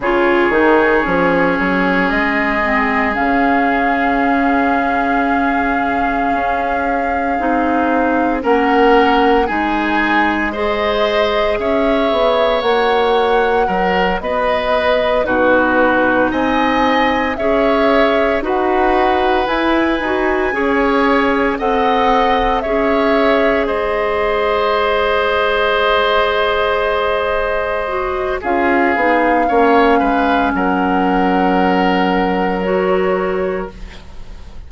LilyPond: <<
  \new Staff \with { instrumentName = "flute" } { \time 4/4 \tempo 4 = 57 cis''2 dis''4 f''4~ | f''1 | fis''4 gis''4 dis''4 e''4 | fis''4. dis''4 b'4 gis''8~ |
gis''8 e''4 fis''4 gis''4.~ | gis''8 fis''4 e''4 dis''4.~ | dis''2. f''4~ | f''4 fis''2 cis''4 | }
  \new Staff \with { instrumentName = "oboe" } { \time 4/4 gis'1~ | gis'1 | ais'4 gis'4 c''4 cis''4~ | cis''4 ais'8 b'4 fis'4 dis''8~ |
dis''8 cis''4 b'2 cis''8~ | cis''8 dis''4 cis''4 c''4.~ | c''2. gis'4 | cis''8 b'8 ais'2. | }
  \new Staff \with { instrumentName = "clarinet" } { \time 4/4 f'8 dis'8 cis'4. c'8 cis'4~ | cis'2. dis'4 | cis'4 dis'4 gis'2 | fis'2~ fis'8 dis'4.~ |
dis'8 gis'4 fis'4 e'8 fis'8 gis'8~ | gis'8 a'4 gis'2~ gis'8~ | gis'2~ gis'8 fis'8 f'8 dis'8 | cis'2. fis'4 | }
  \new Staff \with { instrumentName = "bassoon" } { \time 4/4 cis8 dis8 f8 fis8 gis4 cis4~ | cis2 cis'4 c'4 | ais4 gis2 cis'8 b8 | ais4 fis8 b4 b,4 c'8~ |
c'8 cis'4 dis'4 e'8 dis'8 cis'8~ | cis'8 c'4 cis'4 gis4.~ | gis2. cis'8 b8 | ais8 gis8 fis2. | }
>>